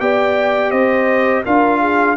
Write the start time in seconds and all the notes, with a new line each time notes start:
0.00 B3 G4 D5 G5
0.71 C4 C5 D#5
1.45 D4 F4 A#4 F5
1.80 G#4